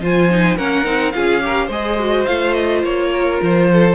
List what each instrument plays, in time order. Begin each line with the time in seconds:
0.00 cello F3, viola F4, violin C5 G#5
0.31 viola D#4
0.58 cello A#3, viola C#4, violin A#4 F#5
0.84 cello C4, viola D#4
1.12 cello C#4, viola F4, violin G#4 F5
1.41 viola G4, violin A#4
1.66 cello G#3, viola G#4, violin C5 D#5
1.99 viola F#4
2.26 cello A3, viola F4, violin F5
2.54 violin D#5
2.83 cello A#3, violin C#5
3.12 violin A#4
3.42 cello F3, violin C5
3.72 violin A4